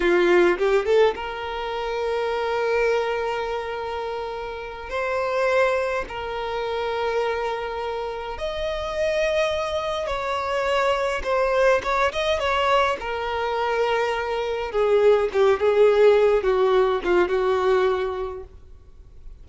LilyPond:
\new Staff \with { instrumentName = "violin" } { \time 4/4 \tempo 4 = 104 f'4 g'8 a'8 ais'2~ | ais'1~ | ais'8 c''2 ais'4.~ | ais'2~ ais'8 dis''4.~ |
dis''4. cis''2 c''8~ | c''8 cis''8 dis''8 cis''4 ais'4.~ | ais'4. gis'4 g'8 gis'4~ | gis'8 fis'4 f'8 fis'2 | }